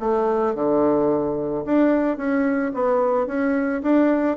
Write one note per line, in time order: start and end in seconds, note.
0.00 0.55 A3
0.55 1.65 D3
1.65 2.17 D4
2.17 2.72 C#4
2.74 3.27 B3
3.27 3.82 C#4
3.83 4.37 D4